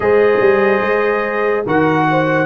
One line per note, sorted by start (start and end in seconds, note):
0.00 0.39 G#3
0.00 1.64 G#4
0.00 1.66 C5
0.00 1.65 D#5
0.40 0.81 G3
0.81 1.64 G#3
1.65 2.46 D#3
1.65 2.46 F#4
1.65 2.07 A#4
1.65 2.46 F#5
2.11 2.46 C5